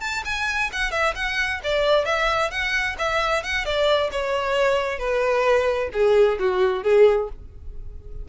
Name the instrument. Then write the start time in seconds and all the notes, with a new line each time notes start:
violin
0.00 A5
0.24 G#5
0.72 F#5
0.91 E5
1.15 F#5
1.63 D5
2.05 E5
2.50 F#5
2.98 E5
3.43 F#5
3.65 D5
4.11 C#5
4.98 B4
5.93 G#4
6.39 F#4
6.83 G#4